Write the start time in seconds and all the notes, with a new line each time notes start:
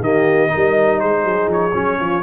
0.00 D#3 A#3 G4 D#5
0.48 D#4 A#4
0.55 G3
1.00 G#3 G#4 C5
1.24 F#3
1.47 F3 C#5
1.73 F#3 C#4
1.99 F3 F4